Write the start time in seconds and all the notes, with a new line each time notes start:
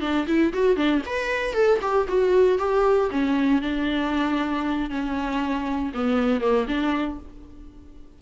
0.00 D4
0.27 E4
0.53 F#4
0.76 D4
1.06 B4
1.53 A4
1.81 G4
2.08 F#4
2.58 G4
3.10 C#4
3.61 D4
4.90 C#4
5.94 B3
6.41 A#3
6.67 D4